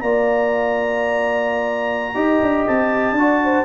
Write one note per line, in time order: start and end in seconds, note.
0.00 2.15 A#3
0.00 2.14 F4
0.00 2.14 D5
0.00 2.65 A#5
2.14 2.40 D#4
2.14 3.15 G4
2.14 3.15 D#5
2.42 2.67 D4
2.66 3.12 C4
2.66 3.65 A5
3.12 3.62 D4
3.12 3.42 D5
3.18 3.65 F#4
3.43 3.65 C5